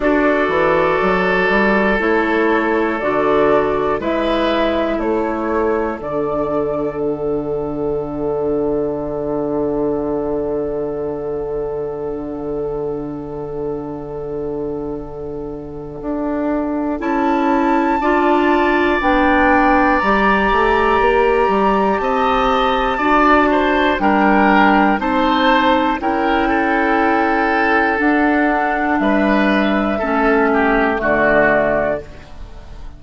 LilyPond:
<<
  \new Staff \with { instrumentName = "flute" } { \time 4/4 \tempo 4 = 60 d''2 cis''4 d''4 | e''4 cis''4 d''4 fis''4~ | fis''1~ | fis''1~ |
fis''4 a''2 g''4 | ais''2 a''2 | g''4 a''4 g''2 | fis''4 e''2 d''4 | }
  \new Staff \with { instrumentName = "oboe" } { \time 4/4 a'1 | b'4 a'2.~ | a'1~ | a'1~ |
a'2 d''2~ | d''2 dis''4 d''8 c''8 | ais'4 c''4 ais'8 a'4.~ | a'4 b'4 a'8 g'8 fis'4 | }
  \new Staff \with { instrumentName = "clarinet" } { \time 4/4 fis'2 e'4 fis'4 | e'2 d'2~ | d'1~ | d'1~ |
d'4 e'4 f'4 d'4 | g'2. fis'4 | d'4 dis'4 e'2 | d'2 cis'4 a4 | }
  \new Staff \with { instrumentName = "bassoon" } { \time 4/4 d'8 e8 fis8 g8 a4 d4 | gis4 a4 d2~ | d1~ | d1 |
d'4 cis'4 d'4 b4 | g8 a8 ais8 g8 c'4 d'4 | g4 c'4 cis'2 | d'4 g4 a4 d4 | }
>>